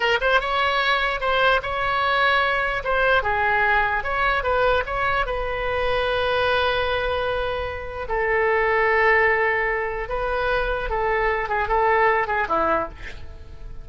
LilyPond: \new Staff \with { instrumentName = "oboe" } { \time 4/4 \tempo 4 = 149 ais'8 c''8 cis''2 c''4 | cis''2. c''4 | gis'2 cis''4 b'4 | cis''4 b'2.~ |
b'1 | a'1~ | a'4 b'2 a'4~ | a'8 gis'8 a'4. gis'8 e'4 | }